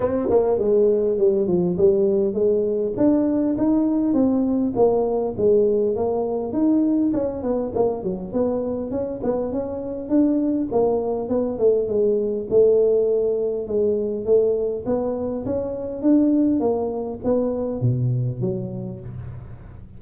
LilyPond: \new Staff \with { instrumentName = "tuba" } { \time 4/4 \tempo 4 = 101 c'8 ais8 gis4 g8 f8 g4 | gis4 d'4 dis'4 c'4 | ais4 gis4 ais4 dis'4 | cis'8 b8 ais8 fis8 b4 cis'8 b8 |
cis'4 d'4 ais4 b8 a8 | gis4 a2 gis4 | a4 b4 cis'4 d'4 | ais4 b4 b,4 fis4 | }